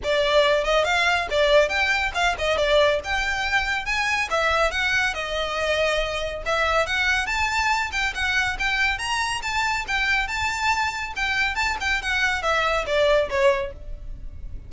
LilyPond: \new Staff \with { instrumentName = "violin" } { \time 4/4 \tempo 4 = 140 d''4. dis''8 f''4 d''4 | g''4 f''8 dis''8 d''4 g''4~ | g''4 gis''4 e''4 fis''4 | dis''2. e''4 |
fis''4 a''4. g''8 fis''4 | g''4 ais''4 a''4 g''4 | a''2 g''4 a''8 g''8 | fis''4 e''4 d''4 cis''4 | }